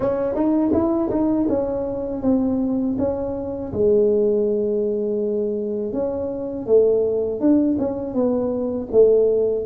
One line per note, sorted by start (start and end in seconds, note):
0.00 0.35 C#4
0.35 0.72 D#4
0.72 1.09 E4
1.10 1.47 D#4
1.48 2.22 C#4
2.22 2.96 C4
2.98 3.72 C#4
3.72 5.92 G#3
5.92 6.66 C#4
6.66 7.40 A3
7.40 7.77 D4
7.78 8.13 C#4
8.13 8.88 B3
8.91 9.65 A3